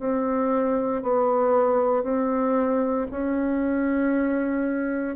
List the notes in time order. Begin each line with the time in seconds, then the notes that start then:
0.00 C4
1.03 B3
2.04 C4
3.11 C#4